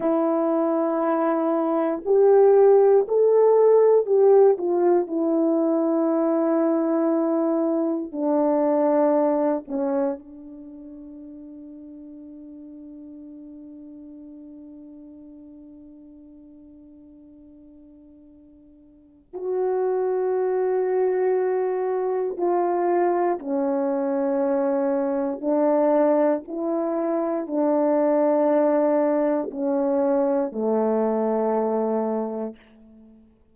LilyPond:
\new Staff \with { instrumentName = "horn" } { \time 4/4 \tempo 4 = 59 e'2 g'4 a'4 | g'8 f'8 e'2. | d'4. cis'8 d'2~ | d'1~ |
d'2. fis'4~ | fis'2 f'4 cis'4~ | cis'4 d'4 e'4 d'4~ | d'4 cis'4 a2 | }